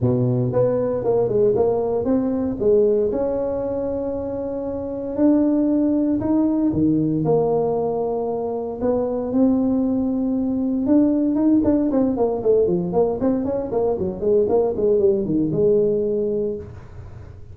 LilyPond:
\new Staff \with { instrumentName = "tuba" } { \time 4/4 \tempo 4 = 116 b,4 b4 ais8 gis8 ais4 | c'4 gis4 cis'2~ | cis'2 d'2 | dis'4 dis4 ais2~ |
ais4 b4 c'2~ | c'4 d'4 dis'8 d'8 c'8 ais8 | a8 f8 ais8 c'8 cis'8 ais8 fis8 gis8 | ais8 gis8 g8 dis8 gis2 | }